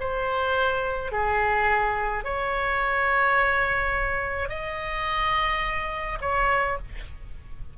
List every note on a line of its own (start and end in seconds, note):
0.00 1.12 C5
1.12 2.24 G#4
2.24 4.49 C#5
4.49 6.19 D#5
6.21 6.78 C#5